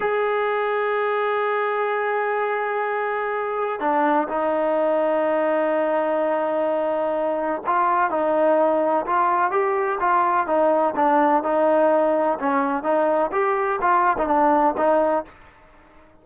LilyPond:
\new Staff \with { instrumentName = "trombone" } { \time 4/4 \tempo 4 = 126 gis'1~ | gis'1 | d'4 dis'2.~ | dis'1 |
f'4 dis'2 f'4 | g'4 f'4 dis'4 d'4 | dis'2 cis'4 dis'4 | g'4 f'8. dis'16 d'4 dis'4 | }